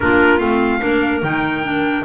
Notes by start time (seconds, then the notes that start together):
0.00 A#3 D4 F4 A#4
0.39 A3 C4 F5
0.80 A#3 D4 A#4
1.22 D#3 D#4 G5
1.63 D4